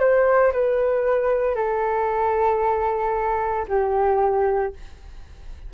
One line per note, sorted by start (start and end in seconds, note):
0.00 0.53 C5
0.53 1.56 B4
1.56 3.67 A4
3.68 4.74 G4